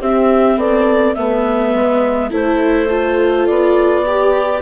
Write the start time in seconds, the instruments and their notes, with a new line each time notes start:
0.00 bassoon C4, viola C4, horn G4, clarinet E5
0.56 bassoon B3, horn A4, clarinet D5
1.14 bassoon A3, viola B3, horn B4, clarinet E5
1.74 bassoon G#3
2.30 bassoon A3, viola E4, horn A4, clarinet C5
2.90 viola F4
3.47 bassoon B3, clarinet D5
4.04 horn G4, viola G4